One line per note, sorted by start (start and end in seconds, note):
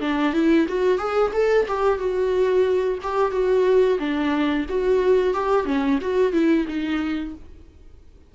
0.00 0.33 D4
0.33 0.66 E4
0.68 0.98 F#4
0.98 1.32 G#4
1.33 1.66 A4
1.68 1.99 G4
1.99 2.99 F#4
3.03 3.31 G4
3.31 3.98 F#4
3.99 4.66 D4
4.69 5.34 F#4
5.34 5.65 G4
5.65 5.99 C#4
6.02 6.32 F#4
6.32 6.66 E4
6.68 7.35 D#4